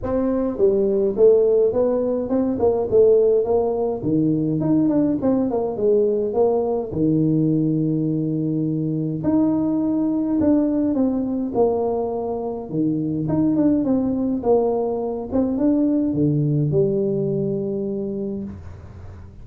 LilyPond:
\new Staff \with { instrumentName = "tuba" } { \time 4/4 \tempo 4 = 104 c'4 g4 a4 b4 | c'8 ais8 a4 ais4 dis4 | dis'8 d'8 c'8 ais8 gis4 ais4 | dis1 |
dis'2 d'4 c'4 | ais2 dis4 dis'8 d'8 | c'4 ais4. c'8 d'4 | d4 g2. | }